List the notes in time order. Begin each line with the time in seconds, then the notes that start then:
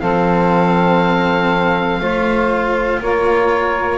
0.00 F3 C4 A4 F5
2.00 A3 F4 C5
3.00 A#3 A#4 C#5